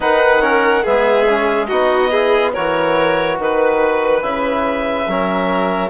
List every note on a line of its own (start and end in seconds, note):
0.00 0.85 D#3
0.00 0.39 D#4
0.00 0.41 B4
0.00 0.85 F#5
0.41 0.83 C#4
0.41 0.82 A#4
0.82 1.70 G#3
0.82 1.26 B3
0.82 1.67 G#4
0.82 1.66 E5
1.27 1.69 C#4
1.66 2.55 B3
1.66 2.11 D#4
1.66 2.10 F#4
1.66 2.50 D#5
2.10 2.54 E4
2.10 2.52 G#4
2.53 3.39 E3
2.53 4.21 F#4
2.53 3.37 A#4
2.53 3.37 C#5
3.39 4.22 D#3
3.39 4.21 B4
3.39 5.10 B4
4.21 5.06 C#3
4.21 5.06 E4
4.21 5.90 E5
5.07 5.90 F#3
5.07 5.90 C#4
5.07 5.90 A#4